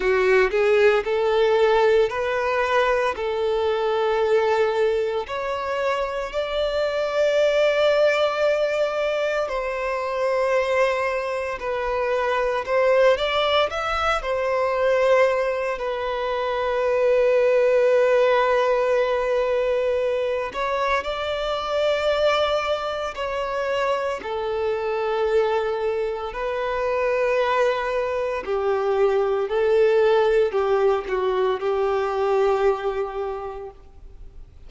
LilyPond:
\new Staff \with { instrumentName = "violin" } { \time 4/4 \tempo 4 = 57 fis'8 gis'8 a'4 b'4 a'4~ | a'4 cis''4 d''2~ | d''4 c''2 b'4 | c''8 d''8 e''8 c''4. b'4~ |
b'2.~ b'8 cis''8 | d''2 cis''4 a'4~ | a'4 b'2 g'4 | a'4 g'8 fis'8 g'2 | }